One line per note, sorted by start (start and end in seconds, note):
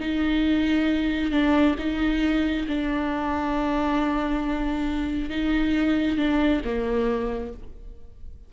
0.00 1.31 D#4
1.31 1.75 D4
1.78 2.67 D#4
2.68 5.30 D4
5.30 6.17 D#4
6.17 6.61 D4
6.65 7.53 A#3